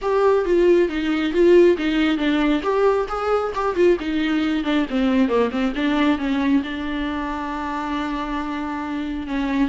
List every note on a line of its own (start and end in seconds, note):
0.01 0.45 G4
0.45 0.88 F4
0.88 1.32 D#4
1.32 1.76 F4
1.77 2.17 D#4
2.17 2.61 D4
2.62 3.06 G4
3.08 3.52 G#4
3.54 3.75 G4
3.75 3.97 F4
3.99 4.63 D#4
4.63 4.85 D4
4.90 5.28 C4
5.28 5.50 A#3
5.51 5.73 C4
5.75 6.18 D4
6.18 6.62 C#4
6.63 9.27 D4
9.27 9.68 C#4